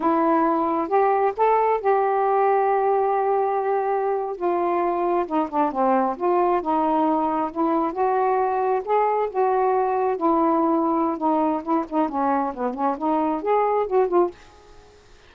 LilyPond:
\new Staff \with { instrumentName = "saxophone" } { \time 4/4 \tempo 4 = 134 e'2 g'4 a'4 | g'1~ | g'4.~ g'16 f'2 dis'16~ | dis'16 d'8 c'4 f'4 dis'4~ dis'16~ |
dis'8. e'4 fis'2 gis'16~ | gis'8. fis'2 e'4~ e'16~ | e'4 dis'4 e'8 dis'8 cis'4 | b8 cis'8 dis'4 gis'4 fis'8 f'8 | }